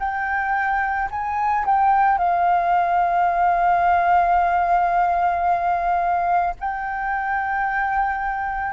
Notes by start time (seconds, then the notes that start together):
0.00 G5
1.11 G#5
1.66 G5
2.19 F5
6.60 G5